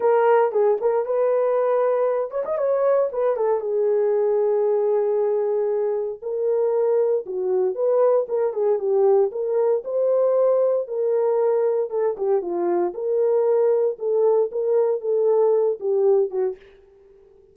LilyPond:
\new Staff \with { instrumentName = "horn" } { \time 4/4 \tempo 4 = 116 ais'4 gis'8 ais'8 b'2~ | b'8 cis''16 dis''16 cis''4 b'8 a'8 gis'4~ | gis'1 | ais'2 fis'4 b'4 |
ais'8 gis'8 g'4 ais'4 c''4~ | c''4 ais'2 a'8 g'8 | f'4 ais'2 a'4 | ais'4 a'4. g'4 fis'8 | }